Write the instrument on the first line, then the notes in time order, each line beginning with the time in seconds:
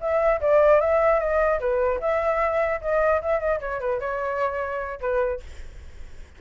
flute
0.00 E5
0.41 D5
0.80 E5
1.19 D#5
1.60 B4
2.00 E5
2.81 D#5
3.21 E5
3.39 D#5
3.60 C#5
3.80 B4
4.00 C#5
5.00 B4